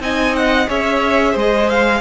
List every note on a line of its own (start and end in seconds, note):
0.00 0.67 C4
0.00 0.67 D#4
0.00 0.68 D#5
0.00 0.36 G#5
0.36 0.70 F#5
0.68 1.36 C#4
0.68 2.01 G#4
0.68 1.32 C#5
0.68 1.37 E5
1.32 2.01 G#3
1.32 1.99 C5
1.39 1.70 D#5
1.70 2.01 F5